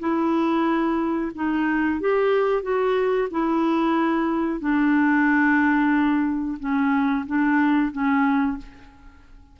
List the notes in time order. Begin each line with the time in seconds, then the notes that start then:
0.00 E4
1.35 D#4
2.01 G4
2.63 F#4
3.31 E4
4.60 D4
6.60 C#4
7.27 D4
7.92 C#4